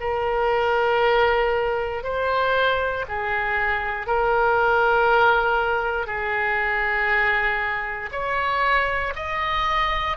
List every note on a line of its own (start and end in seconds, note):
0.00 2.03 A#4
2.03 3.05 C5
3.08 4.06 G#4
4.06 6.06 A#4
6.06 8.09 G#4
8.12 9.13 C#5
9.15 10.17 D#5